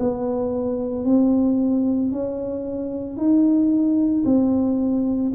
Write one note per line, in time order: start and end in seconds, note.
0.00 1.05 B3
1.05 2.12 C4
2.12 3.17 C#4
3.17 4.24 D#4
4.25 5.32 C4